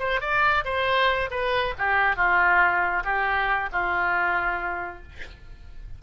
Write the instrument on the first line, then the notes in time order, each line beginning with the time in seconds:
oboe
0.00 C5
0.21 D5
0.65 C5
1.31 B4
1.79 G4
2.17 F4
3.05 G4
3.73 F4